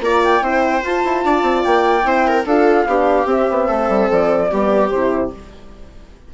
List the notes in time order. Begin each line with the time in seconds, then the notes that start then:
0.00 A#3 F4 D5 A#5
0.23 G5
0.41 C4 E4 C5
0.82 F4 A5
1.04 E4
1.24 D4 D5
1.42 C4
1.63 A#3 G5
2.03 C4 E4 C5
2.27 A#4
2.45 D4 F4 A4 F5
2.86 B3 D4 G4
3.25 C4 E5
3.51 B3
3.67 A3 A4
3.89 G3
4.10 F3 D5
4.50 G3 B3 G4
4.89 C3 E4 C5